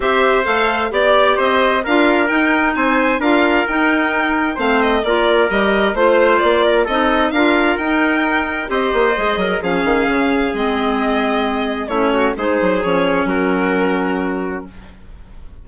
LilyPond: <<
  \new Staff \with { instrumentName = "violin" } { \time 4/4 \tempo 4 = 131 e''4 f''4 d''4 dis''4 | f''4 g''4 gis''4 f''4 | g''2 f''8 dis''8 d''4 | dis''4 c''4 d''4 dis''4 |
f''4 g''2 dis''4~ | dis''4 f''2 dis''4~ | dis''2 cis''4 c''4 | cis''4 ais'2. | }
  \new Staff \with { instrumentName = "trumpet" } { \time 4/4 c''2 d''4 c''4 | ais'2 c''4 ais'4~ | ais'2 c''4 ais'4~ | ais'4 c''4. ais'8 a'4 |
ais'2. c''4~ | c''8 ais'8 gis'2.~ | gis'2 e'8 fis'8 gis'4~ | gis'4 fis'2. | }
  \new Staff \with { instrumentName = "clarinet" } { \time 4/4 g'4 a'4 g'2 | f'4 dis'2 f'4 | dis'2 c'4 f'4 | g'4 f'2 dis'4 |
f'4 dis'2 g'4 | gis'4 cis'2 c'4~ | c'2 cis'4 dis'4 | cis'1 | }
  \new Staff \with { instrumentName = "bassoon" } { \time 4/4 c'4 a4 b4 c'4 | d'4 dis'4 c'4 d'4 | dis'2 a4 ais4 | g4 a4 ais4 c'4 |
d'4 dis'2 c'8 ais8 | gis8 fis8 f8 dis8 cis4 gis4~ | gis2 a4 gis8 fis8 | f4 fis2. | }
>>